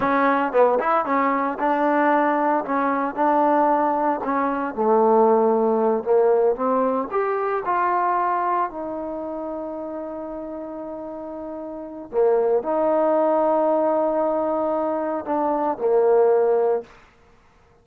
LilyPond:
\new Staff \with { instrumentName = "trombone" } { \time 4/4 \tempo 4 = 114 cis'4 b8 e'8 cis'4 d'4~ | d'4 cis'4 d'2 | cis'4 a2~ a8 ais8~ | ais8 c'4 g'4 f'4.~ |
f'8 dis'2.~ dis'8~ | dis'2. ais4 | dis'1~ | dis'4 d'4 ais2 | }